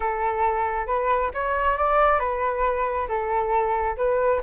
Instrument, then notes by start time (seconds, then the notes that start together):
flute
0.00 A4
0.86 B4
1.34 C#5
1.77 D5
2.19 B4
3.08 A4
3.97 B4